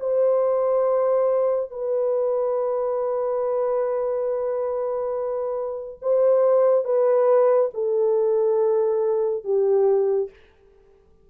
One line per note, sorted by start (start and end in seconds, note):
0.00 1.71 C5
1.71 6.00 B4
6.02 6.85 C5
6.85 7.71 B4
7.74 9.44 A4
9.44 10.30 G4